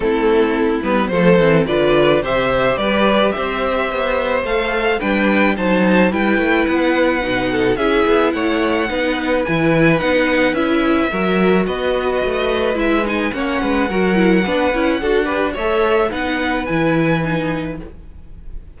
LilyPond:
<<
  \new Staff \with { instrumentName = "violin" } { \time 4/4 \tempo 4 = 108 a'4. b'8 c''4 d''4 | e''4 d''4 e''2 | f''4 g''4 a''4 g''4 | fis''2 e''4 fis''4~ |
fis''4 gis''4 fis''4 e''4~ | e''4 dis''2 e''8 gis''8 | fis''1 | e''4 fis''4 gis''2 | }
  \new Staff \with { instrumentName = "violin" } { \time 4/4 e'2 a'4 b'4 | c''4 b'4 c''2~ | c''4 b'4 c''4 b'4~ | b'4. a'8 gis'4 cis''4 |
b'1 | ais'4 b'2. | cis''8 b'8 ais'4 b'4 a'8 b'8 | cis''4 b'2. | }
  \new Staff \with { instrumentName = "viola" } { \time 4/4 c'4. b8 a8 c'8 f'4 | g'1 | a'4 d'4 dis'4 e'4~ | e'4 dis'4 e'2 |
dis'4 e'4 dis'4 e'4 | fis'2. e'8 dis'8 | cis'4 fis'8 e'8 d'8 e'8 fis'8 g'8 | a'4 dis'4 e'4 dis'4 | }
  \new Staff \with { instrumentName = "cello" } { \time 4/4 a4. g8 f8 e8 d4 | c4 g4 c'4 b4 | a4 g4 fis4 g8 a8 | b4 b,4 cis'8 b8 a4 |
b4 e4 b4 cis'4 | fis4 b4 a4 gis4 | ais8 gis8 fis4 b8 cis'8 d'4 | a4 b4 e2 | }
>>